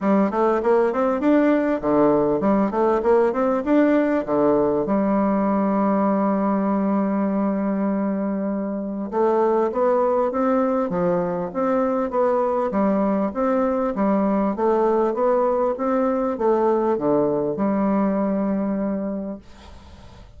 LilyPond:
\new Staff \with { instrumentName = "bassoon" } { \time 4/4 \tempo 4 = 99 g8 a8 ais8 c'8 d'4 d4 | g8 a8 ais8 c'8 d'4 d4 | g1~ | g2. a4 |
b4 c'4 f4 c'4 | b4 g4 c'4 g4 | a4 b4 c'4 a4 | d4 g2. | }